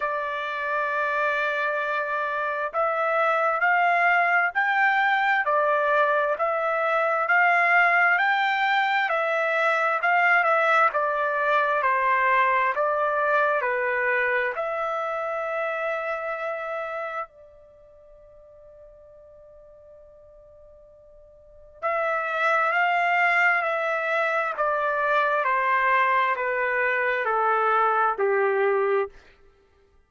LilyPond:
\new Staff \with { instrumentName = "trumpet" } { \time 4/4 \tempo 4 = 66 d''2. e''4 | f''4 g''4 d''4 e''4 | f''4 g''4 e''4 f''8 e''8 | d''4 c''4 d''4 b'4 |
e''2. d''4~ | d''1 | e''4 f''4 e''4 d''4 | c''4 b'4 a'4 g'4 | }